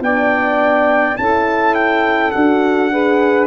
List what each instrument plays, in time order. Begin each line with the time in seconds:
0.00 tuba B3, horn D4, saxophone D5, trumpet G5
1.17 tuba C#4, horn E4, saxophone A4, trumpet A5
1.75 trumpet G5
2.31 tuba D4, horn F#4, trumpet F#5
2.91 horn G#4, saxophone B4